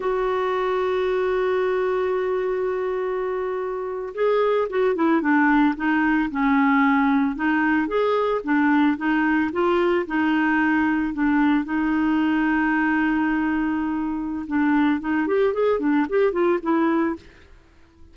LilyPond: \new Staff \with { instrumentName = "clarinet" } { \time 4/4 \tempo 4 = 112 fis'1~ | fis'2.~ fis'8. gis'16~ | gis'8. fis'8 e'8 d'4 dis'4 cis'16~ | cis'4.~ cis'16 dis'4 gis'4 d'16~ |
d'8. dis'4 f'4 dis'4~ dis'16~ | dis'8. d'4 dis'2~ dis'16~ | dis'2. d'4 | dis'8 g'8 gis'8 d'8 g'8 f'8 e'4 | }